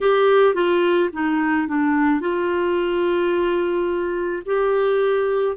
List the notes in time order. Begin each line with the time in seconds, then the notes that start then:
0.00 G4
0.54 F4
1.13 D#4
1.67 D4
2.20 F4
4.45 G4